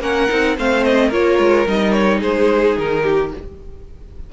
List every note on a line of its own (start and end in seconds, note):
0.00 0.28 A#3
0.00 0.28 C#4
0.00 0.56 A#4
0.00 0.57 F#5
0.29 0.57 C4
0.29 0.56 D#4
0.57 1.11 A3
0.57 1.11 C4
0.57 1.08 C5
0.57 0.84 F5
0.84 1.11 D#5
1.08 1.38 A#3
1.08 1.67 F4
1.08 2.18 A#4
1.08 1.67 C#5
1.38 1.66 G#3
1.67 2.21 G3
1.67 3.32 D#4
1.67 1.92 D#5
1.92 2.20 C#5
2.20 2.76 G#3
2.20 3.02 G#4
2.20 2.77 C5
2.77 3.33 D#3
2.77 3.32 A#4
3.02 3.30 G4